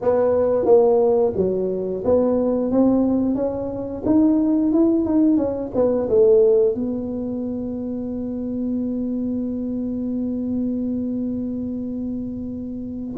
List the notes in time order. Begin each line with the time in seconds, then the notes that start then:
0.01 B3
0.65 A#3
1.36 F#3
2.04 B3
2.71 C4
3.35 C#4
4.05 D#4
4.72 E4
5.05 D#4
5.37 C#4
5.75 B3
6.09 A3
6.74 B3